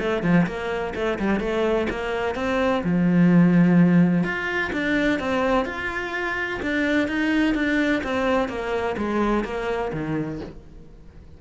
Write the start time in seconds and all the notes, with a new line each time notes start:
0.00 A3
0.23 F3
0.47 A#3
0.95 A3
1.19 G3
1.40 A3
1.90 A#3
2.36 C4
2.84 F3
4.24 F4
4.73 D4
5.20 C4
5.66 F4
6.63 D4
7.08 D#4
7.55 D4
8.04 C4
8.49 A#3
8.98 G#3
9.45 A#3
9.93 D#3